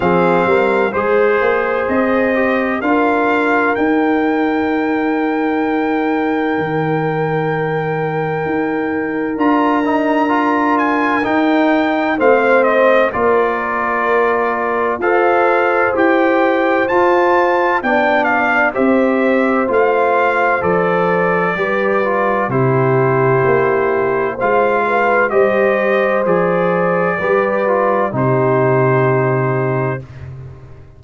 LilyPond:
<<
  \new Staff \with { instrumentName = "trumpet" } { \time 4/4 \tempo 4 = 64 f''4 c''4 dis''4 f''4 | g''1~ | g''2 ais''4. gis''8 | g''4 f''8 dis''8 d''2 |
f''4 g''4 a''4 g''8 f''8 | e''4 f''4 d''2 | c''2 f''4 dis''4 | d''2 c''2 | }
  \new Staff \with { instrumentName = "horn" } { \time 4/4 gis'8 ais'8 c''2 ais'4~ | ais'1~ | ais'1~ | ais'4 c''4 ais'2 |
c''2. d''4 | c''2. b'4 | g'2 c''8 b'8 c''4~ | c''4 b'4 g'2 | }
  \new Staff \with { instrumentName = "trombone" } { \time 4/4 c'4 gis'4. g'8 f'4 | dis'1~ | dis'2 f'8 dis'8 f'4 | dis'4 c'4 f'2 |
a'4 g'4 f'4 d'4 | g'4 f'4 a'4 g'8 f'8 | e'2 f'4 g'4 | gis'4 g'8 f'8 dis'2 | }
  \new Staff \with { instrumentName = "tuba" } { \time 4/4 f8 g8 gis8 ais8 c'4 d'4 | dis'2. dis4~ | dis4 dis'4 d'2 | dis'4 a4 ais2 |
f'4 e'4 f'4 b4 | c'4 a4 f4 g4 | c4 ais4 gis4 g4 | f4 g4 c2 | }
>>